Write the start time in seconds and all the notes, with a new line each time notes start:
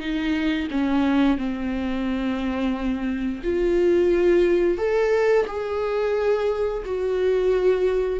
0.00 D#4
0.72 C#4
1.38 C4
3.44 F4
4.78 A4
5.47 G#4
6.86 F#4